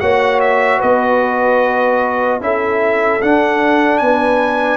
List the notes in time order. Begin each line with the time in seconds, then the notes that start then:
0.00 A#3 F#4 C#5 F#5
0.40 E5
0.79 B3 B4 D#5
2.40 C#4 E4 A4 E5
3.21 D4 F#5
3.98 B3 B4 G#5